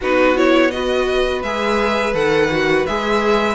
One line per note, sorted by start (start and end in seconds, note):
0.01 1.43 B3
0.01 0.35 D#4
0.01 0.72 F#4
0.01 0.37 B4
0.35 0.71 E4
0.35 0.70 C#5
0.70 1.44 F#4
0.70 3.54 B4
0.70 1.42 D#5
1.42 2.14 G#3
1.42 2.14 G#4
1.42 2.14 E5
2.14 2.85 D#3
2.14 2.49 A4
2.14 2.86 F#5
2.51 2.86 F#4
2.86 3.54 G#3
2.86 3.54 G#4
2.86 3.54 E5